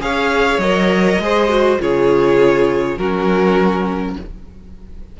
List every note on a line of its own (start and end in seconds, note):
0.00 0.58 C#4
0.00 0.59 G#4
0.00 1.22 C#5
0.00 0.60 F5
0.58 1.17 F#3
0.58 1.22 A#4
0.58 1.79 D#5
1.19 1.78 G#3
1.19 1.49 G#4
1.19 1.81 C5
1.49 1.78 F#4
1.79 2.97 C#3
1.79 2.98 F4
1.79 2.98 G#4
1.79 2.98 C#5
2.97 4.16 F#3
2.97 4.19 C#4
2.97 4.17 F#4
2.97 4.16 A#4